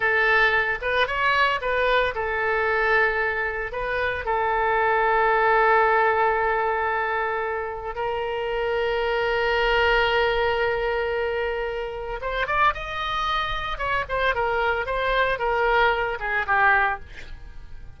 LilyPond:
\new Staff \with { instrumentName = "oboe" } { \time 4/4 \tempo 4 = 113 a'4. b'8 cis''4 b'4 | a'2. b'4 | a'1~ | a'2. ais'4~ |
ais'1~ | ais'2. c''8 d''8 | dis''2 cis''8 c''8 ais'4 | c''4 ais'4. gis'8 g'4 | }